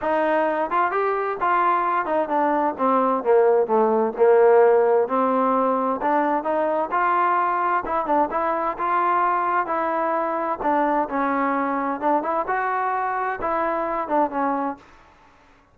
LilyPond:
\new Staff \with { instrumentName = "trombone" } { \time 4/4 \tempo 4 = 130 dis'4. f'8 g'4 f'4~ | f'8 dis'8 d'4 c'4 ais4 | a4 ais2 c'4~ | c'4 d'4 dis'4 f'4~ |
f'4 e'8 d'8 e'4 f'4~ | f'4 e'2 d'4 | cis'2 d'8 e'8 fis'4~ | fis'4 e'4. d'8 cis'4 | }